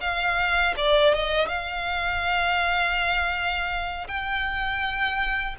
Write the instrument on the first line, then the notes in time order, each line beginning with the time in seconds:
violin
0.00 F5
0.77 D5
1.14 D#5
1.48 F5
4.07 G5